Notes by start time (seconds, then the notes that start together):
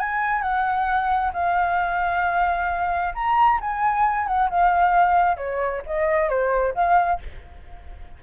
0.00 G#5
0.42 F#5
1.33 F5
3.15 A#5
3.61 G#5
4.27 F#5
4.50 F5
5.37 C#5
5.86 D#5
6.29 C5
6.75 F5